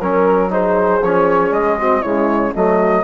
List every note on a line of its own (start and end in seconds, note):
0.00 1.02 F#3
0.00 0.50 C#4
0.00 0.51 A#4
0.50 1.01 D#4
0.50 1.78 G#4
0.50 1.03 C5
1.02 1.51 F3
1.02 1.79 C#4
1.02 1.53 C#5
1.51 2.02 G#3
1.51 2.02 D#5
1.78 2.05 C4
1.78 2.00 F#4
2.00 2.55 C#3
2.00 2.54 G#3
2.00 2.51 E4
2.00 2.53 C#5
2.54 3.04 F#3
2.54 3.04 A3
2.54 3.04 F#4
2.54 3.04 D#5